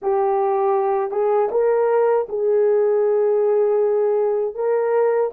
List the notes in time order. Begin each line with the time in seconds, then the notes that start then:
0.02 G4
1.10 G#4
1.51 A#4
2.28 G#4
4.54 A#4